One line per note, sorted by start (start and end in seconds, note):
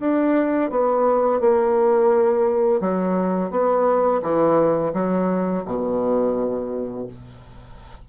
0.00 0.70 D4
0.70 1.41 B3
1.41 2.81 A#3
2.81 3.51 F#3
3.51 4.22 B3
4.23 4.93 E3
4.94 5.64 F#3
5.66 7.07 B2